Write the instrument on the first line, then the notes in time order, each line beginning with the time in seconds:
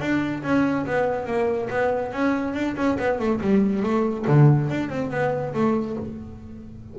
double bass
0.00 D4
0.43 C#4
0.86 B3
1.26 A#3
1.70 B3
2.13 C#4
2.55 D4
2.76 C#4
2.99 B3
3.19 A3
3.41 G3
3.83 A3
4.27 D3
4.70 D4
4.90 C4
5.11 B3
5.54 A3